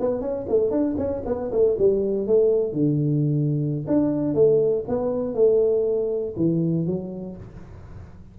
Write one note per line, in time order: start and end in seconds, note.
0.00 0.21 B3
0.21 0.46 C#4
0.49 0.71 A3
0.71 0.96 D4
0.97 1.22 C#4
1.26 1.51 B3
1.52 1.77 A3
1.79 2.27 G3
2.27 2.73 A3
2.73 3.85 D3
3.87 4.34 D4
4.34 4.84 A3
4.88 5.35 B3
5.35 6.35 A3
6.36 6.86 E3
6.86 7.36 F#3